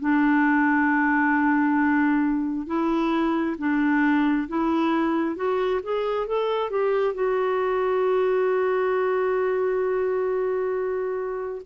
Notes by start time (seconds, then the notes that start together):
0.00 D4
2.67 E4
3.59 D4
4.49 E4
5.36 F#4
5.83 G#4
6.27 A4
6.70 G4
7.14 F#4